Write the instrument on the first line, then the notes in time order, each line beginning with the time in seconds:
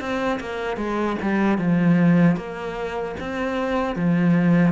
cello
0.00 C4
0.40 A#3
0.76 G#3
1.22 G3
1.58 F3
2.36 A#3
3.20 C4
3.95 F3